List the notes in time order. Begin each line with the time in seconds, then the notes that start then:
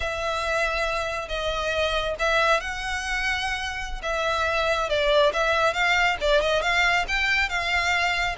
0.00 E5
1.28 D#5
2.19 E5
2.60 F#5
4.02 E5
4.89 D5
5.33 E5
5.73 F5
6.20 D5
6.41 D#5
6.62 F5
7.08 G5
7.49 F5